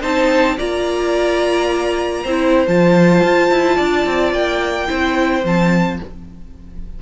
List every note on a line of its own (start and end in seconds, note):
0.00 0.58 C4
0.00 0.56 D#4
0.00 0.56 C5
0.00 0.58 A5
0.57 2.24 A#3
0.57 2.25 F4
0.57 2.23 D5
0.57 2.67 A#5
2.23 2.66 C4
2.23 2.66 E4
2.23 3.76 C5
2.66 3.23 F3
2.66 4.87 F4
2.66 4.33 A5
3.23 3.50 F4
3.50 3.78 E4
3.76 4.05 D4
3.76 4.87 D5
4.05 4.32 C4
4.32 4.88 A#3
4.32 5.44 G5
4.87 5.43 C4
4.87 5.42 E4
4.87 5.99 C5
5.43 5.99 F3
5.43 5.99 C4
5.43 6.02 A5